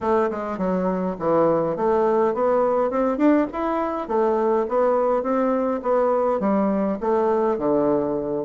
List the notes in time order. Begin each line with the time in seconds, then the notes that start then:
0.01 A3
0.30 G#3
0.57 F#3
1.19 E3
1.76 A3
2.34 B3
2.90 C4
3.17 D4
3.52 E4
4.08 A3
4.68 B3
5.22 C4
5.82 B3
6.39 G3
7.00 A3
7.57 D3